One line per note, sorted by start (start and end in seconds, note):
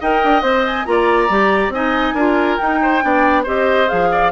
0.00 0.23 D#4
0.00 0.43 A#4
0.00 0.86 D#5
0.00 0.42 G5
0.24 0.42 D4
0.42 0.86 C4
0.42 0.64 C5
0.42 0.86 C5
0.66 0.85 G#5
0.85 1.29 A#3
0.85 1.29 F4
0.85 1.73 D5
0.85 1.71 A#5
1.29 1.69 G3
1.29 1.73 G4
1.69 2.12 C4
1.69 2.17 D#4
1.69 2.14 D#5
1.69 2.57 G#5
2.14 2.57 D4
2.14 2.60 F4
2.14 2.79 A#4
2.57 3.01 D#4
2.57 3.03 D#4
2.57 3.44 G5
2.82 3.04 C5
3.01 3.46 B3
3.01 3.44 D4
3.01 3.43 D5
3.43 3.89 C4
3.43 3.87 G4
3.43 4.08 C5
3.43 3.88 D#5
3.87 4.32 F3
3.87 4.30 G#4
3.87 4.32 F5
4.11 4.32 D5